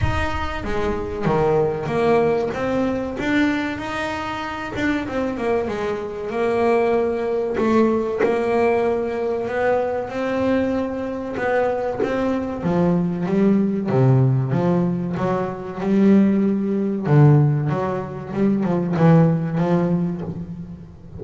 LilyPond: \new Staff \with { instrumentName = "double bass" } { \time 4/4 \tempo 4 = 95 dis'4 gis4 dis4 ais4 | c'4 d'4 dis'4. d'8 | c'8 ais8 gis4 ais2 | a4 ais2 b4 |
c'2 b4 c'4 | f4 g4 c4 f4 | fis4 g2 d4 | fis4 g8 f8 e4 f4 | }